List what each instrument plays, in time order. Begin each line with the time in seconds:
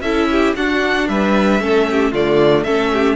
0.00 cello C#4, viola E4, violin A4 E5
0.31 violin G4
0.56 cello D4, viola D4, violin F#4 F#5
1.08 cello G3, violin B4 E5
1.60 cello A3, viola C#4, violin A4
1.91 violin G4
2.11 cello D3, viola A3, violin F4 D5
2.63 cello A3, viola C#4, violin A4 E5
2.93 violin G4